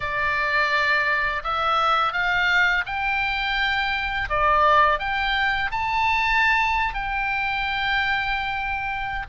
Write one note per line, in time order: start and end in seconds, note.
0.00 1.42 D5
1.43 2.12 E5
2.12 2.84 F5
2.86 4.29 G5
4.29 4.99 D5
4.99 5.70 G5
5.71 6.94 A5
6.94 9.26 G5